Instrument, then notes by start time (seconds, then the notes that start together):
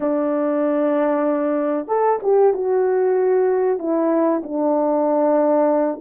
horn
0.00 D4
1.87 A4
2.22 G4
2.53 F#4
3.78 E4
4.43 D4